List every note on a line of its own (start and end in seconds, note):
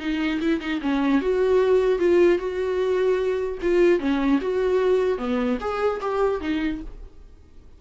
0.00 0.40 D#4
0.41 0.60 E4
0.60 0.80 D#4
0.81 1.21 C#4
1.21 1.99 F#4
1.99 2.39 F4
2.39 3.59 F#4
3.62 4.00 F4
4.00 4.40 C#4
4.41 5.18 F#4
5.18 5.58 B3
5.60 6.00 G#4
6.01 6.41 G4
6.41 6.81 D#4